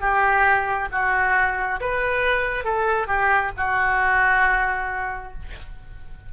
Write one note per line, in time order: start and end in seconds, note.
0.00 0.89 G4
0.91 1.80 F#4
1.80 2.64 B4
2.64 3.07 A4
3.07 3.51 G4
3.57 5.33 F#4